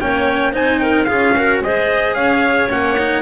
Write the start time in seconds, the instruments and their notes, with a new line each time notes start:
0.00 double bass A#3, cello C#4, clarinet C#5, trumpet G5
0.52 double bass C4, cello D#4, clarinet C5, trumpet G#5
0.79 clarinet A#4, trumpet G5
1.04 double bass C#4, cello F4, clarinet G#4, trumpet F5
1.36 cello F#4, clarinet A#4
1.61 double bass G#3, cello G#4, clarinet C5, trumpet D#5
2.14 double bass C#4, clarinet C#5, trumpet F5
2.69 double bass A#3, cello C#4, trumpet F#5
2.98 cello D#4